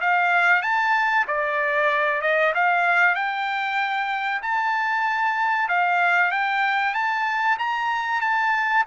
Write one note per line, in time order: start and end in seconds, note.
0.00 0.62 F5
0.62 1.25 A5
1.27 2.21 D5
2.21 2.52 D#5
2.54 3.15 F5
3.15 4.41 G5
4.42 5.68 A5
5.68 6.31 F5
6.31 6.94 G5
6.94 7.57 A5
7.58 8.21 A#5
8.21 8.84 A5